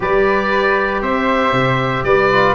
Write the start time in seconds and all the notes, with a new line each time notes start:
0.00 G3 G4 B4 D5
1.01 C4 C5 E5
1.52 C3
2.04 G3 B4 D5
2.31 F4